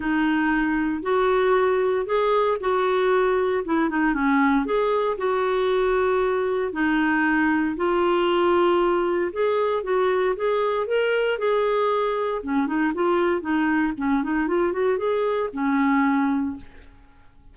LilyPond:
\new Staff \with { instrumentName = "clarinet" } { \time 4/4 \tempo 4 = 116 dis'2 fis'2 | gis'4 fis'2 e'8 dis'8 | cis'4 gis'4 fis'2~ | fis'4 dis'2 f'4~ |
f'2 gis'4 fis'4 | gis'4 ais'4 gis'2 | cis'8 dis'8 f'4 dis'4 cis'8 dis'8 | f'8 fis'8 gis'4 cis'2 | }